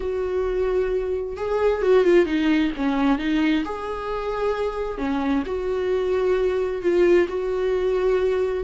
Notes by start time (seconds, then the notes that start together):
0.00 F#4
1.36 G#4
1.82 F#4
2.04 F4
2.25 D#4
2.76 C#4
3.18 D#4
3.64 G#4
4.98 C#4
5.45 F#4
6.81 F4
7.28 F#4